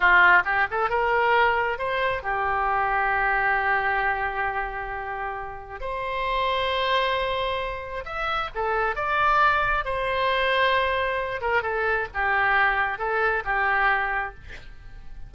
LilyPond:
\new Staff \with { instrumentName = "oboe" } { \time 4/4 \tempo 4 = 134 f'4 g'8 a'8 ais'2 | c''4 g'2.~ | g'1~ | g'4 c''2.~ |
c''2 e''4 a'4 | d''2 c''2~ | c''4. ais'8 a'4 g'4~ | g'4 a'4 g'2 | }